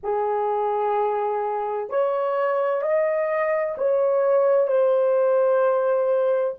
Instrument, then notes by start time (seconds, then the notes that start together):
horn
0.03 G#4
1.89 C#5
2.81 D#5
3.78 C#5
4.67 C5